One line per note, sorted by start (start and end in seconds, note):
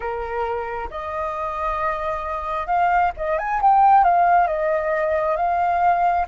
0.00 0.89 A#4
0.90 2.66 D#5
2.66 3.11 F5
3.16 3.38 D#5
3.38 3.61 G#5
3.61 4.03 G5
4.03 4.47 F5
4.47 5.36 D#5
5.36 6.26 F5